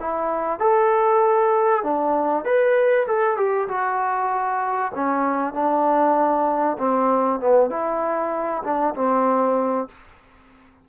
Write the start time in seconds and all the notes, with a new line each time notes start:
0.00 E4
0.60 A4
1.83 D4
2.45 B4
3.08 A4
3.37 G4
3.68 F#4
4.95 C#4
5.54 D4
6.79 C4
7.40 B3
7.70 E4
8.64 D4
8.96 C4